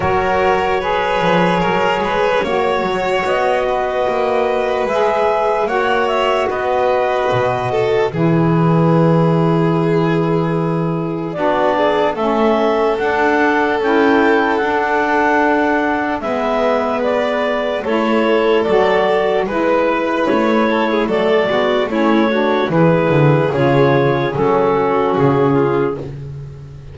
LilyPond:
<<
  \new Staff \with { instrumentName = "clarinet" } { \time 4/4 \tempo 4 = 74 cis''1 | dis''2 e''4 fis''8 e''8 | dis''2 b'2~ | b'2 d''4 e''4 |
fis''4 g''4 fis''2 | e''4 d''4 cis''4 d''4 | b'4 cis''4 d''4 cis''4 | b'4 cis''4 a'4 gis'4 | }
  \new Staff \with { instrumentName = "violin" } { \time 4/4 ais'4 b'4 ais'8 b'8 cis''4~ | cis''8 b'2~ b'8 cis''4 | b'4. a'8 gis'2~ | gis'2 fis'8 gis'8 a'4~ |
a'1 | b'2 a'2 | b'4. a'16 gis'16 a'8 fis'8 e'8 fis'8 | gis'2~ gis'8 fis'4 f'8 | }
  \new Staff \with { instrumentName = "saxophone" } { \time 4/4 fis'4 gis'2 fis'4~ | fis'2 gis'4 fis'4~ | fis'2 e'2~ | e'2 d'4 cis'4 |
d'4 e'4 d'2 | b2 e'4 fis'4 | e'2 a8 b8 cis'8 d'8 | e'4 f'4 cis'2 | }
  \new Staff \with { instrumentName = "double bass" } { \time 4/4 fis4. f8 fis8 gis8 ais8 fis8 | b4 ais4 gis4 ais4 | b4 b,4 e2~ | e2 b4 a4 |
d'4 cis'4 d'2 | gis2 a4 fis4 | gis4 a4 fis8 gis8 a4 | e8 d8 cis4 fis4 cis4 | }
>>